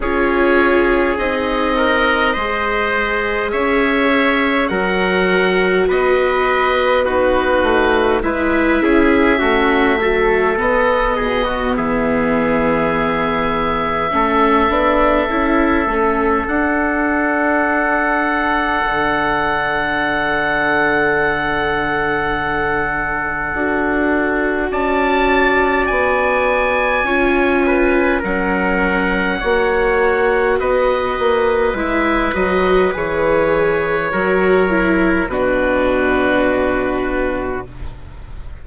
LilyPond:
<<
  \new Staff \with { instrumentName = "oboe" } { \time 4/4 \tempo 4 = 51 cis''4 dis''2 e''4 | fis''4 dis''4 b'4 e''4~ | e''4 dis''4 e''2~ | e''2 fis''2~ |
fis''1~ | fis''4 a''4 gis''2 | fis''2 dis''4 e''8 dis''8 | cis''2 b'2 | }
  \new Staff \with { instrumentName = "trumpet" } { \time 4/4 gis'4. ais'8 c''4 cis''4 | ais'4 b'4 fis'4 b'8 gis'8 | fis'8 a'4 gis'16 fis'16 gis'2 | a'1~ |
a'1~ | a'4 d''2 cis''8 b'8 | ais'4 cis''4 b'2~ | b'4 ais'4 fis'2 | }
  \new Staff \with { instrumentName = "viola" } { \time 4/4 f'4 dis'4 gis'2 | fis'2 dis'4 e'4 | cis'8 fis8 b2. | cis'8 d'8 e'8 cis'8 d'2~ |
d'1 | fis'2. f'4 | cis'4 fis'2 e'8 fis'8 | gis'4 fis'8 e'8 d'2 | }
  \new Staff \with { instrumentName = "bassoon" } { \time 4/4 cis'4 c'4 gis4 cis'4 | fis4 b4. a8 gis8 cis'8 | a4 b8 b,8 e2 | a8 b8 cis'8 a8 d'2 |
d1 | d'4 cis'4 b4 cis'4 | fis4 ais4 b8 ais8 gis8 fis8 | e4 fis4 b,2 | }
>>